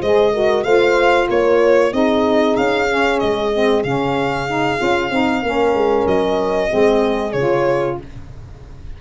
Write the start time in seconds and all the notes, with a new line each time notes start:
0.00 G#3 G#4 C5 D#5
0.33 F#4 A#4
0.64 A3 F4 C5 F5
1.29 A#3 A#4 C#5
1.91 C4 D#4 G#4 D#5
2.56 C#4 F5
2.87 C#4
3.19 G#3 D#5
3.53 C4
3.84 C#3 C#4 F5
4.48 D#4
4.77 C#4 F4
5.11 C4 D#4
5.42 A#3 C#4 A#4
5.74 G#3
6.07 F#3 D#5
6.69 G#3 C4 G#4
7.33 C#3 F4 C#5